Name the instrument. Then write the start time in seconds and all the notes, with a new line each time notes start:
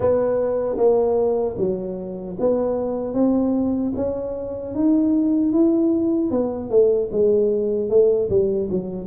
tuba
0.00 B3
0.77 A#3
1.58 F#3
2.39 B3
3.14 C4
3.96 C#4
4.74 D#4
5.52 E4
6.31 B3
6.69 A3
7.11 G#3
7.89 A3
8.29 G3
8.70 F#3